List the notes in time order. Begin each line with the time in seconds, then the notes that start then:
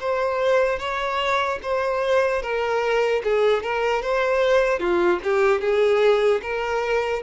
0.00 C5
0.79 C#5
1.63 C5
2.42 A#4
3.24 G#4
3.63 A#4
4.02 C5
4.80 F4
5.23 G4
5.61 G#4
6.43 A#4